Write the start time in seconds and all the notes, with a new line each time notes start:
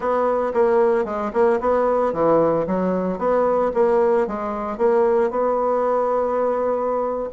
0.00 B3
0.53 A#3
1.04 G#3
1.33 A#3
1.60 B3
2.12 E3
2.66 F#3
3.18 B3
3.74 A#3
4.27 G#3
4.77 A#3
5.30 B3